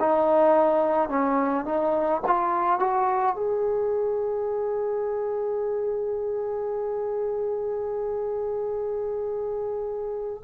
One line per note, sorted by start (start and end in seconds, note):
0.00 1.10 D#4
1.10 1.65 C#4
1.65 2.22 D#4
2.27 2.80 F4
2.80 3.36 F#4
3.36 10.44 G#4